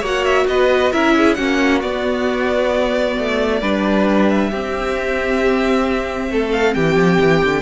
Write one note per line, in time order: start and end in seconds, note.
0.00 0.46 A#3
0.00 0.93 F#4
0.00 0.45 C#5
0.00 0.24 F#5
0.24 0.47 E5
0.47 0.92 B3
0.47 0.92 B4
0.47 0.92 D#5
0.92 1.38 C#4
0.92 1.37 E4
0.92 1.14 A#4
0.92 1.34 E5
1.17 1.38 G#4
1.34 1.83 A#3
1.34 1.82 C#4
1.34 3.61 F#4
1.34 1.79 F#5
1.82 3.61 B3
1.82 3.18 B3
1.82 4.28 D5
3.18 3.61 A3
3.61 4.51 G3
3.61 4.52 D4
3.61 4.50 B4
4.28 6.51 E5
4.50 6.30 C4
4.50 7.62 C4
4.50 6.29 G4
6.30 6.75 A3
6.30 6.76 A4
6.51 6.74 F5
6.74 6.95 E3
6.74 7.62 G4
6.74 7.62 G5
6.95 7.17 F3
7.20 7.43 E3
7.44 7.62 D3